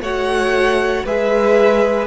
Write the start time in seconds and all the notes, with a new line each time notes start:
0.00 A3 F#4 C#5 F#5
1.04 G#3 G#4 B4 E5